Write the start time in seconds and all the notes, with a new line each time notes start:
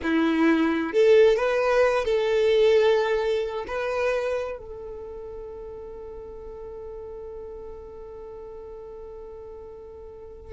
0.02 E4
0.92 A4
1.36 B4
2.05 A4
3.67 B4
4.58 A4